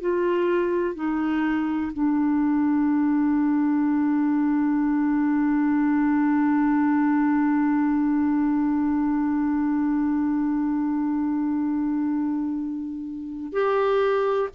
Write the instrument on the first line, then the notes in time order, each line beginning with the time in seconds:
clarinet
0.00 F4
0.95 D#4
1.93 D4
13.52 G4